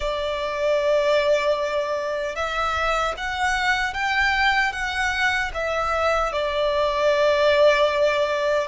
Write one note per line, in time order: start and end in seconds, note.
0.00 2.35 D5
2.35 3.14 E5
3.17 3.93 F#5
3.93 4.72 G5
4.72 5.51 F#5
5.54 6.32 E5
6.32 8.67 D5